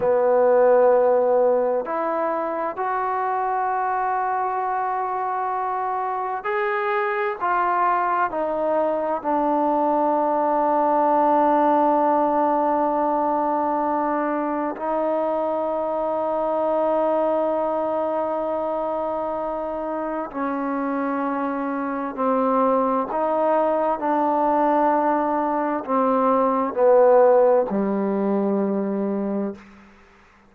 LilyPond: \new Staff \with { instrumentName = "trombone" } { \time 4/4 \tempo 4 = 65 b2 e'4 fis'4~ | fis'2. gis'4 | f'4 dis'4 d'2~ | d'1 |
dis'1~ | dis'2 cis'2 | c'4 dis'4 d'2 | c'4 b4 g2 | }